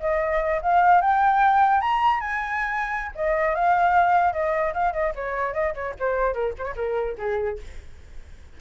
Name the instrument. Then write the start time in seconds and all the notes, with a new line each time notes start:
flute
0.00 D#5
0.62 F5
1.01 G5
1.81 A#5
2.20 G#5
3.15 D#5
3.55 F5
4.33 D#5
4.74 F5
4.93 D#5
5.15 C#5
5.54 D#5
5.74 C#5
5.99 C5
6.34 A#4
6.58 C5 C#5
6.76 A#4
7.18 G#4